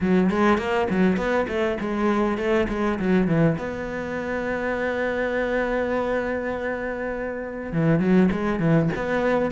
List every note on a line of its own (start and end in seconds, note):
0.00 0.30 F#3
0.30 0.58 G#3
0.58 0.87 A#3
0.89 1.16 F#3
1.16 1.46 B3
1.47 1.77 A3
1.80 2.37 G#3
2.37 2.67 A3
2.69 2.98 G#3
2.99 3.27 F#3
3.27 3.56 E3
3.58 7.72 B3
7.72 7.99 E3
7.99 8.29 F#3
8.31 8.59 G#3
8.59 8.89 E3
8.95 9.51 B3